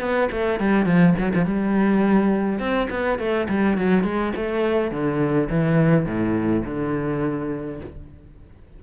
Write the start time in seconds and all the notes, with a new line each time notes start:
0.00 B3
0.32 A3
0.60 G3
0.86 F3
1.19 F#3
1.35 F3
1.46 G3
2.59 C4
2.90 B3
3.19 A3
3.49 G3
3.78 F#3
4.04 G#3
4.36 A3
4.91 D3
5.50 E3
6.06 A2
6.65 D3